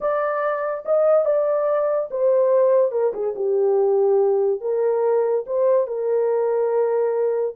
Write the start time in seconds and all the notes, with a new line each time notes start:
0.00 D5
0.85 D#5
1.25 D5
2.10 C5
2.91 A#4
3.13 G#4
3.35 G4
4.60 A#4
5.46 C5
5.87 A#4